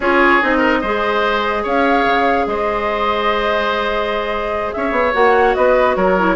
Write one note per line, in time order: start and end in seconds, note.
0.00 0.40 C#4
0.00 0.41 F4
0.00 0.57 G#4
0.00 0.42 C#5
0.41 0.82 C4
0.41 0.82 D#4
0.41 1.65 D#5
0.57 0.78 A#4
0.81 1.65 G#3
0.81 5.14 G#4
0.81 1.63 C5
1.63 2.05 C#4
1.63 2.45 C#5
1.63 2.48 F5
2.05 2.46 C#3
2.46 4.72 G#3
2.46 4.74 C5
2.46 4.72 D#5
4.72 4.91 C#4
4.72 5.57 C#5
4.72 5.13 E5
4.91 5.11 B3
5.14 5.55 A#3
5.14 6.16 F#4
5.14 5.54 F#5
5.54 5.96 B3
5.54 5.96 B4
5.54 5.95 D#5
5.96 6.36 F#3
5.96 6.36 A#4
5.96 6.36 C#5
6.18 6.36 E4